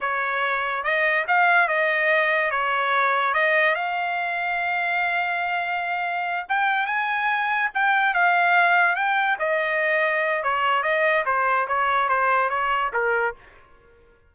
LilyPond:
\new Staff \with { instrumentName = "trumpet" } { \time 4/4 \tempo 4 = 144 cis''2 dis''4 f''4 | dis''2 cis''2 | dis''4 f''2.~ | f''2.~ f''8 g''8~ |
g''8 gis''2 g''4 f''8~ | f''4. g''4 dis''4.~ | dis''4 cis''4 dis''4 c''4 | cis''4 c''4 cis''4 ais'4 | }